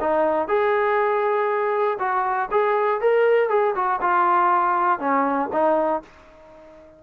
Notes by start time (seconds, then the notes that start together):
0.00 D#4
0.48 G#4
1.99 F#4
2.51 G#4
3.00 A#4
3.49 G#4
3.75 F#4
4.01 F4
4.99 C#4
5.52 D#4